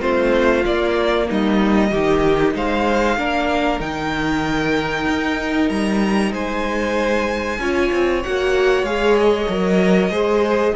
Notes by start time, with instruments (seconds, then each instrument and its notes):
0.00 cello A3, viola C4, violin F4 C5
0.65 viola A#3, cello A#3, violin D5
1.29 cello G3, violin D#4 D#5
1.91 cello D#3, viola D#4, violin G4
2.55 cello G#3, violin C5 F5
3.17 cello A#3, viola D4, violin A#4
3.80 cello D#3, viola D#4, violin G5
5.08 cello D#4
5.69 cello G3, violin A#5
6.32 cello G#3, violin C5 G#5
7.59 cello C#4, viola F4, violin C#5
7.92 cello C4
8.23 cello A#3, viola F#4, violin F#5
8.83 cello G#3, viola G#4, violin F5
9.20 violin D#5
9.49 cello F#3, viola A#4
10.10 cello G#3, viola G#4, violin C5